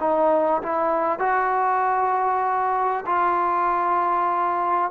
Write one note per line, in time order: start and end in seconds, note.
0.00 0.62 D#4
0.63 1.19 E4
1.19 3.05 F#4
3.06 4.91 F4